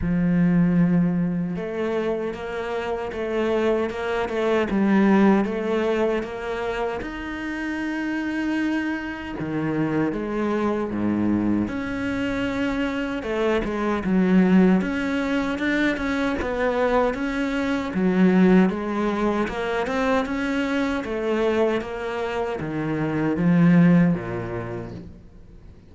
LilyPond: \new Staff \with { instrumentName = "cello" } { \time 4/4 \tempo 4 = 77 f2 a4 ais4 | a4 ais8 a8 g4 a4 | ais4 dis'2. | dis4 gis4 gis,4 cis'4~ |
cis'4 a8 gis8 fis4 cis'4 | d'8 cis'8 b4 cis'4 fis4 | gis4 ais8 c'8 cis'4 a4 | ais4 dis4 f4 ais,4 | }